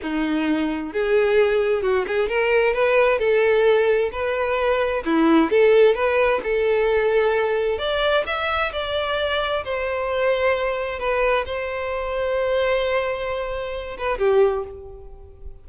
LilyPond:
\new Staff \with { instrumentName = "violin" } { \time 4/4 \tempo 4 = 131 dis'2 gis'2 | fis'8 gis'8 ais'4 b'4 a'4~ | a'4 b'2 e'4 | a'4 b'4 a'2~ |
a'4 d''4 e''4 d''4~ | d''4 c''2. | b'4 c''2.~ | c''2~ c''8 b'8 g'4 | }